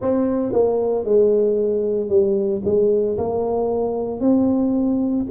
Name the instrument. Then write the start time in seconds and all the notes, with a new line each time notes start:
tuba
0.01 C4
0.52 A#3
1.04 G#3
2.09 G3
2.64 G#3
3.17 A#3
4.20 C4